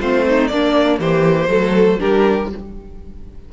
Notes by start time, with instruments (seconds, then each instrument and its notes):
0.00 cello A3, viola C4, violin F4 C5
0.28 violin D#4
0.48 cello A#3, viola A#3, violin D4 D5
0.99 cello E3, violin G4 C5
1.48 cello F#3, viola A3, violin A4
1.99 cello G3, viola D4, violin G4 A#4